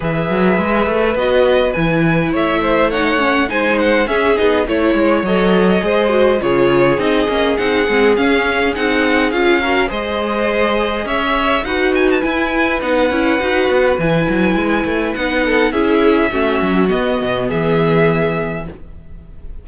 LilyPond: <<
  \new Staff \with { instrumentName = "violin" } { \time 4/4 \tempo 4 = 103 e''2 dis''4 gis''4 | e''4 fis''4 gis''8 fis''8 e''8 dis''8 | cis''4 dis''2 cis''4 | dis''4 fis''4 f''4 fis''4 |
f''4 dis''2 e''4 | fis''8 gis''16 a''16 gis''4 fis''2 | gis''2 fis''4 e''4~ | e''4 dis''4 e''2 | }
  \new Staff \with { instrumentName = "violin" } { \time 4/4 b'1 | cis''8 c''8 cis''4 c''4 gis'4 | cis''2 c''4 gis'4~ | gis'1~ |
gis'8 ais'8 c''2 cis''4 | b'1~ | b'2~ b'8 a'8 gis'4 | fis'2 gis'2 | }
  \new Staff \with { instrumentName = "viola" } { \time 4/4 gis'2 fis'4 e'4~ | e'4 dis'8 cis'8 dis'4 cis'8 dis'8 | e'4 a'4 gis'8 fis'8 f'4 | dis'8 cis'8 dis'8 c'8 cis'4 dis'4 |
f'8 fis'8 gis'2. | fis'4 e'4 dis'8 e'8 fis'4 | e'2 dis'4 e'4 | cis'4 b2. | }
  \new Staff \with { instrumentName = "cello" } { \time 4/4 e8 fis8 gis8 a8 b4 e4 | a2 gis4 cis'8 b8 | a8 gis8 fis4 gis4 cis4 | c'8 ais8 c'8 gis8 cis'4 c'4 |
cis'4 gis2 cis'4 | dis'4 e'4 b8 cis'8 dis'8 b8 | e8 fis8 gis8 a8 b4 cis'4 | a8 fis8 b8 b,8 e2 | }
>>